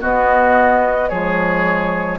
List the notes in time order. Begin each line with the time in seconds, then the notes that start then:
0.00 B3 F#4 D#5
1.09 F3 G#3 G#4 C#5